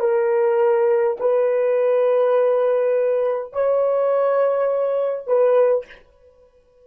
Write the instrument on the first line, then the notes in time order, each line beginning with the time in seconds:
horn
0.00 A#4
1.20 B4
3.53 C#5
5.27 B4